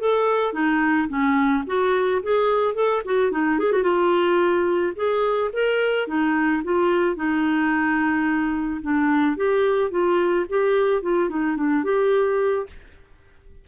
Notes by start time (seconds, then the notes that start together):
0.00 A4
0.53 D#4
1.09 C#4
1.67 F#4
2.23 G#4
2.75 A4
3.05 F#4
3.32 D#4
3.59 G#4
3.73 F#4
3.83 F4
4.96 G#4
5.53 A#4
6.08 D#4
6.64 F4
7.16 D#4
8.82 D4
9.37 G4
9.91 F4
10.49 G4
11.02 F4
11.30 D#4
11.57 D4
11.84 G4